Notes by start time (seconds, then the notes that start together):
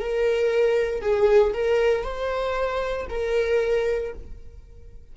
0.00 A#4
1.02 G#4
1.53 A#4
2.04 C5
3.09 A#4